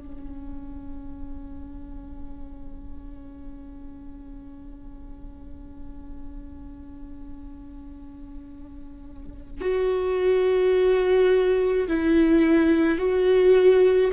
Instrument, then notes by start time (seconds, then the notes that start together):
viola
0.00 C#4
9.62 F#4
11.88 E4
12.99 F#4